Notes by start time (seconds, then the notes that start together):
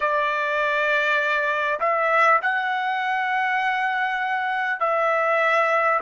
0.00 D5
1.80 E5
2.42 F#5
4.80 E5